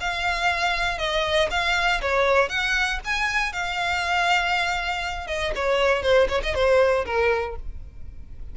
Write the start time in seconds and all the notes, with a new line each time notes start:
0.00 F5
0.98 D#5
1.50 F5
2.01 C#5
2.49 F#5
3.04 G#5
3.52 F5
5.27 D#5
5.55 C#5
6.03 C5
6.29 C#5
6.43 D#5
6.55 C5
7.05 A#4